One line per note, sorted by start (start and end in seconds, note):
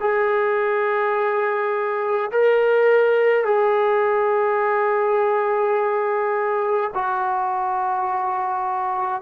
0.00 2.31 G#4
2.31 3.45 A#4
3.45 6.91 G#4
6.94 9.22 F#4